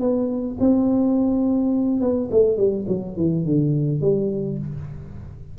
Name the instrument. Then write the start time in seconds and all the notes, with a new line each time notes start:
tuba
0.00 B3
0.60 C4
2.01 B3
2.31 A3
2.57 G3
2.88 F#3
3.17 E3
3.45 D3
4.01 G3